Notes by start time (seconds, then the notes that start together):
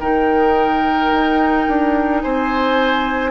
0.00 D#3 D#4 A#4 G5
1.12 D#4
1.68 D4
2.21 C4 C5 G#5